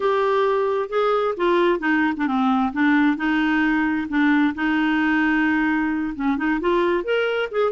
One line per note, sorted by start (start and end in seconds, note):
0.00 0.89 G4
0.89 1.34 G#4
1.37 1.79 F4
1.79 2.13 D#4
2.16 2.27 D4
2.27 2.72 C4
2.73 3.17 D4
3.17 4.07 D#4
4.08 4.54 D4
4.55 6.14 D#4
6.15 6.37 C#4
6.37 6.60 D#4
6.60 7.04 F4
7.04 7.49 A#4
7.51 7.71 G#4